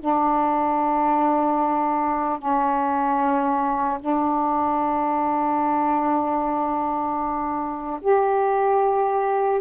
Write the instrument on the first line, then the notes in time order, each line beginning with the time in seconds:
saxophone
0.00 D4
2.39 C#4
4.00 D4
8.01 G4